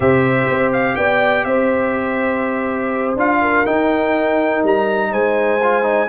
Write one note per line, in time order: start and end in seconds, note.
0.00 0.48 C3
0.00 3.17 G4
0.00 0.93 C5
0.00 0.72 E5
0.50 0.95 C4
0.72 0.95 F5
0.95 1.44 B3
0.95 1.46 D5
0.95 1.44 G5
1.44 3.15 C4
1.44 3.41 C5
1.44 3.15 E5
3.16 3.64 D4
3.16 3.65 F4
3.16 3.66 F5
3.41 5.11 A#4
3.65 5.60 D#4
3.65 4.63 D#4
3.65 4.63 G5
4.63 5.12 G3
4.63 5.13 A#5
5.11 6.09 G#3
5.11 6.08 C5
5.11 6.09 G#5
5.62 5.82 F4
5.82 6.07 D#4